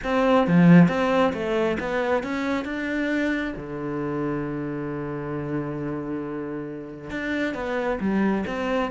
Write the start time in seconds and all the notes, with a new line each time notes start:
0.03 C4
0.47 F3
0.88 C4
1.33 A3
1.79 B3
2.23 C#4
2.64 D4
3.56 D3
7.10 D4
7.54 B3
8.00 G3
8.46 C4